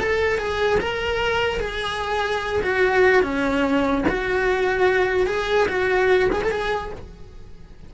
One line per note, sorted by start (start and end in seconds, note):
0.00 0.38 A4
0.38 0.79 G#4
0.80 1.60 A#4
1.60 2.62 G#4
2.63 3.23 F#4
3.23 4.04 C#4
4.09 5.27 F#4
5.27 5.68 G#4
5.68 6.29 F#4
6.32 6.42 G#4
6.44 6.51 A4
6.51 6.92 G#4